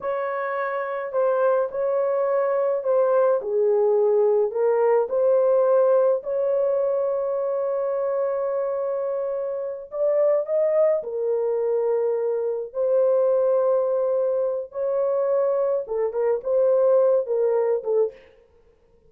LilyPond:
\new Staff \with { instrumentName = "horn" } { \time 4/4 \tempo 4 = 106 cis''2 c''4 cis''4~ | cis''4 c''4 gis'2 | ais'4 c''2 cis''4~ | cis''1~ |
cis''4. d''4 dis''4 ais'8~ | ais'2~ ais'8 c''4.~ | c''2 cis''2 | a'8 ais'8 c''4. ais'4 a'8 | }